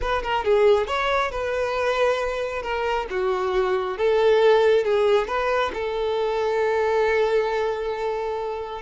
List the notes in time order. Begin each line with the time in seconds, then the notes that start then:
0.01 B4
0.22 A#4
0.44 G#4
0.87 C#5
1.31 B4
2.62 A#4
3.10 F#4
3.97 A4
4.84 G#4
5.27 B4
5.73 A4